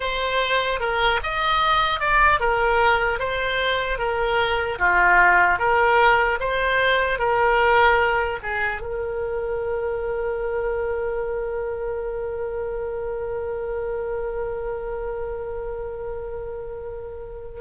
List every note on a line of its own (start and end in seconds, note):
0.00 0.80 C5
0.80 1.20 A#4
1.23 2.00 D#5
2.00 2.40 D5
2.40 3.19 A#4
3.19 3.98 C5
3.98 4.78 A#4
4.79 5.58 F4
5.58 6.38 A#4
6.40 7.19 C5
7.19 8.39 A#4
8.43 8.81 G#4
8.81 17.60 A#4